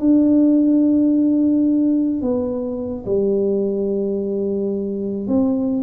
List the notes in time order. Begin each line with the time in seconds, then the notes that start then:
0.00 D4
2.22 B3
3.06 G3
5.27 C4